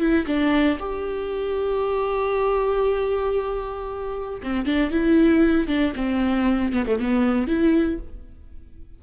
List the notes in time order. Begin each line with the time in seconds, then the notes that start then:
0.00 E4
0.27 D4
0.79 G4
4.43 C4
4.66 D4
4.91 E4
5.68 D4
5.96 C4
6.73 B3
6.87 A3
6.99 B3
7.48 E4